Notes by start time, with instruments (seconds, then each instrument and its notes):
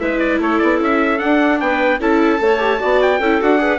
0.00 bassoon G#3, viola E4, clarinet B4, trumpet E5
0.19 trumpet D5
0.40 bassoon A3, clarinet A4, trumpet C#5
0.59 bassoon B3, trumpet D5
0.80 bassoon C#4, trumpet E5
1.19 viola D4, bassoon D4, trumpet F#5
1.60 bassoon B3, clarinet B4, trumpet G5
1.99 bassoon C#4, viola E4, clarinet A4, trumpet A5
2.39 bassoon A3, viola A4, clarinet C#5
2.59 viola G4
2.80 bassoon B3, viola F#4, clarinet D5
3.02 trumpet G5
3.20 bassoon C#4, viola E4, clarinet A4
3.41 bassoon D4, viola F#4, trumpet F#5
3.59 viola G#4, clarinet B4